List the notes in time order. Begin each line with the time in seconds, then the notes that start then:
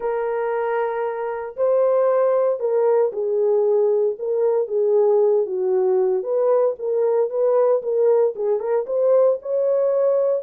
0.00 A#4
1.56 C5
2.59 A#4
3.12 G#4
4.19 A#4
4.67 G#4
5.46 F#4
6.23 B4
6.78 A#4
7.29 B4
7.82 A#4
8.35 G#4
8.59 A#4
8.86 C5
9.42 C#5